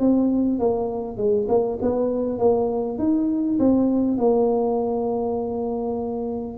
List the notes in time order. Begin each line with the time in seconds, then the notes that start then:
0.00 C4
0.59 A#3
1.17 G#3
1.49 A#3
1.82 B3
2.39 A#3
2.99 D#4
3.59 C4
4.18 A#3